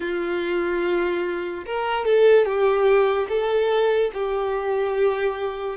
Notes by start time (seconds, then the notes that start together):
0.00 F4
1.66 A#4
2.05 A4
2.45 G4
3.28 A4
4.13 G4